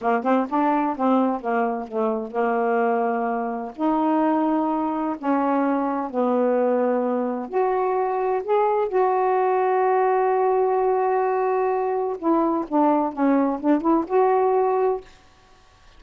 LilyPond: \new Staff \with { instrumentName = "saxophone" } { \time 4/4 \tempo 4 = 128 ais8 c'8 d'4 c'4 ais4 | a4 ais2. | dis'2. cis'4~ | cis'4 b2. |
fis'2 gis'4 fis'4~ | fis'1~ | fis'2 e'4 d'4 | cis'4 d'8 e'8 fis'2 | }